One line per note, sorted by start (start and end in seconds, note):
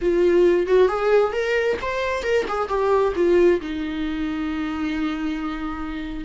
0.01 0.66 F4
0.66 0.88 F#4
0.88 1.32 G#4
1.32 1.77 A#4
1.81 2.22 C5
2.22 2.45 A#4
2.47 2.68 G#4
2.68 3.13 G4
3.15 3.60 F4
3.60 6.24 D#4